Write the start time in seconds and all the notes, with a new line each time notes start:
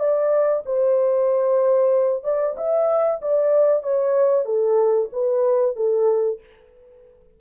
0.00 D5
0.66 C5
2.24 D5
2.58 E5
3.22 D5
3.83 C#5
4.46 A4
5.13 B4
5.76 A4